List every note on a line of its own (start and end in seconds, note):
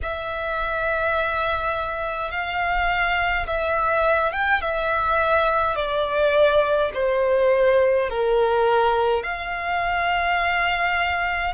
0.02 2.31 E5
2.31 3.46 F5
3.46 4.32 E5
4.32 4.61 G5
4.61 5.75 E5
5.75 6.91 D5
6.94 8.09 C5
8.09 9.23 A#4
9.23 11.54 F5